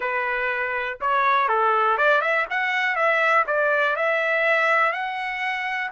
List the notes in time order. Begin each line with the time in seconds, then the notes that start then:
0.00 B4
1.00 C#5
1.48 A4
1.97 D5
2.21 E5
2.50 F#5
2.95 E5
3.46 D5
3.96 E5
4.92 F#5